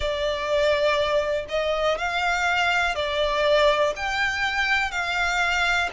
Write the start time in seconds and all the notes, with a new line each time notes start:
0.00 D5
1.48 D#5
1.98 F5
2.95 D5
3.96 G5
4.91 F5